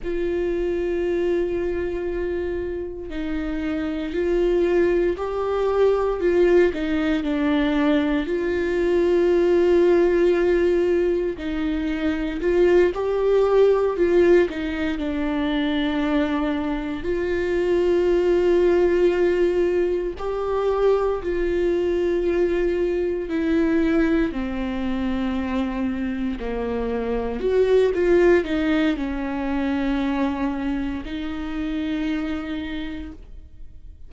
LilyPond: \new Staff \with { instrumentName = "viola" } { \time 4/4 \tempo 4 = 58 f'2. dis'4 | f'4 g'4 f'8 dis'8 d'4 | f'2. dis'4 | f'8 g'4 f'8 dis'8 d'4.~ |
d'8 f'2. g'8~ | g'8 f'2 e'4 c'8~ | c'4. ais4 fis'8 f'8 dis'8 | cis'2 dis'2 | }